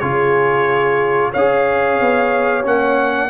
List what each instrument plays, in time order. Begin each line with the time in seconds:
0.00 tuba C#3, trombone F4, horn G#4, trumpet C#5
1.31 tuba C#4, horn C#5, trumpet F5
1.38 trombone G#4
2.00 tuba B3
2.64 tuba A#3, trombone C#4, trumpet F#5